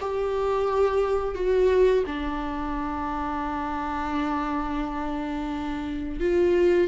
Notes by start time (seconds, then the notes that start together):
0.00 G4
1.34 F#4
2.06 D4
6.19 F4